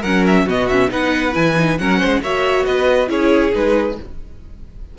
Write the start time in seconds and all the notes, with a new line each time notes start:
0.00 F#3 C#4 A#4 F#5
0.26 E5
0.46 B2 B3 F#4 D#5
0.68 C#4 E5
0.88 B3 D#4 B4 F#5
1.33 E3 E4 G#5
1.57 D#4
1.78 F#3 C#4 A#4 F#5
1.98 G#3 C5
2.21 A#3 F#4 C#5 E5
2.65 B3 B4 D#5
3.07 C#4 E4 G#4 C#5
3.53 G#3 D#4 B4